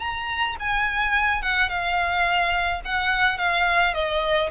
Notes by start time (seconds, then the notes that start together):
0.00 A#5
0.60 G#5
1.42 F#5
1.69 F5
2.85 F#5
3.38 F5
3.94 D#5